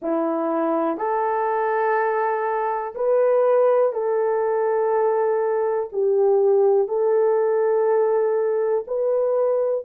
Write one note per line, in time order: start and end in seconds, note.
0.02 0.97 E4
0.97 2.94 A4
2.95 3.93 B4
3.93 5.89 A4
5.92 6.88 G4
6.88 8.84 A4
8.87 9.85 B4